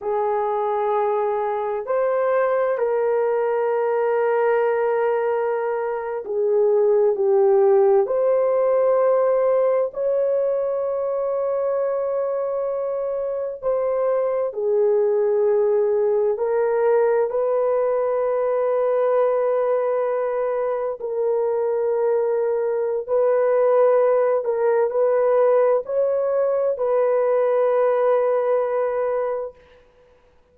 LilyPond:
\new Staff \with { instrumentName = "horn" } { \time 4/4 \tempo 4 = 65 gis'2 c''4 ais'4~ | ais'2~ ais'8. gis'4 g'16~ | g'8. c''2 cis''4~ cis''16~ | cis''2~ cis''8. c''4 gis'16~ |
gis'4.~ gis'16 ais'4 b'4~ b'16~ | b'2~ b'8. ais'4~ ais'16~ | ais'4 b'4. ais'8 b'4 | cis''4 b'2. | }